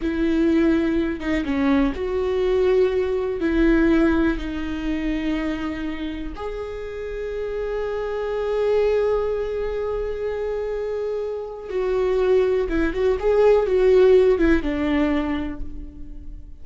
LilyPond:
\new Staff \with { instrumentName = "viola" } { \time 4/4 \tempo 4 = 123 e'2~ e'8 dis'8 cis'4 | fis'2. e'4~ | e'4 dis'2.~ | dis'4 gis'2.~ |
gis'1~ | gis'1 | fis'2 e'8 fis'8 gis'4 | fis'4. e'8 d'2 | }